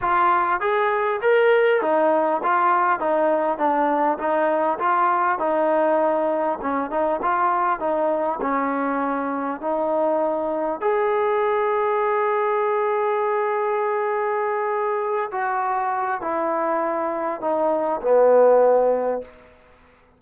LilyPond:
\new Staff \with { instrumentName = "trombone" } { \time 4/4 \tempo 4 = 100 f'4 gis'4 ais'4 dis'4 | f'4 dis'4 d'4 dis'4 | f'4 dis'2 cis'8 dis'8 | f'4 dis'4 cis'2 |
dis'2 gis'2~ | gis'1~ | gis'4. fis'4. e'4~ | e'4 dis'4 b2 | }